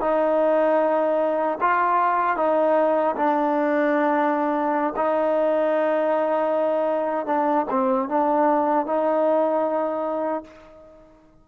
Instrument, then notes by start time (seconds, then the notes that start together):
trombone
0.00 D#4
1.60 F4
2.36 D#4
3.16 D4
4.96 D#4
7.26 D4
7.70 C4
8.08 D4
8.86 D#4